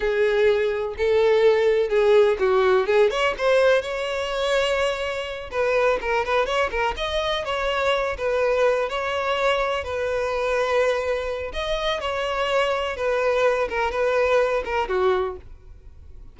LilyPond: \new Staff \with { instrumentName = "violin" } { \time 4/4 \tempo 4 = 125 gis'2 a'2 | gis'4 fis'4 gis'8 cis''8 c''4 | cis''2.~ cis''8 b'8~ | b'8 ais'8 b'8 cis''8 ais'8 dis''4 cis''8~ |
cis''4 b'4. cis''4.~ | cis''8 b'2.~ b'8 | dis''4 cis''2 b'4~ | b'8 ais'8 b'4. ais'8 fis'4 | }